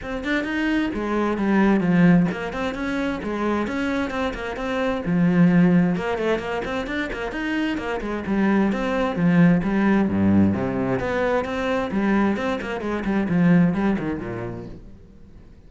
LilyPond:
\new Staff \with { instrumentName = "cello" } { \time 4/4 \tempo 4 = 131 c'8 d'8 dis'4 gis4 g4 | f4 ais8 c'8 cis'4 gis4 | cis'4 c'8 ais8 c'4 f4~ | f4 ais8 a8 ais8 c'8 d'8 ais8 |
dis'4 ais8 gis8 g4 c'4 | f4 g4 g,4 c4 | b4 c'4 g4 c'8 ais8 | gis8 g8 f4 g8 dis8 ais,4 | }